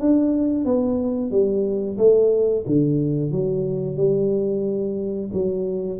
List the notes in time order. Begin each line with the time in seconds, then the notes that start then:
0.00 D4
0.65 B3
1.31 G3
1.98 A3
2.66 D3
3.31 F#3
3.97 G3
5.33 F#3